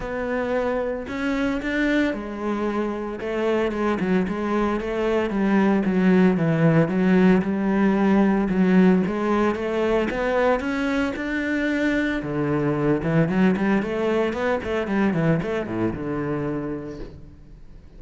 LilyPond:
\new Staff \with { instrumentName = "cello" } { \time 4/4 \tempo 4 = 113 b2 cis'4 d'4 | gis2 a4 gis8 fis8 | gis4 a4 g4 fis4 | e4 fis4 g2 |
fis4 gis4 a4 b4 | cis'4 d'2 d4~ | d8 e8 fis8 g8 a4 b8 a8 | g8 e8 a8 a,8 d2 | }